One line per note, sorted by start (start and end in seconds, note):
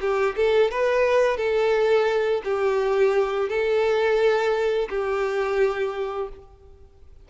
0.00 0.35 G4
0.36 0.70 A4
0.70 1.37 B4
1.37 2.41 A4
2.44 3.49 G4
3.49 4.88 A4
4.89 6.29 G4